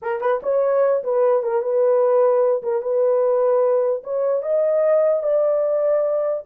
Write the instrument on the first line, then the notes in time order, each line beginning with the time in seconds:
horn
0.02 A#4
0.20 B4
0.42 C#5
1.03 B4
1.43 A#4
1.61 B4
2.62 A#4
2.82 B4
4.03 C#5
4.42 D#5
5.23 D5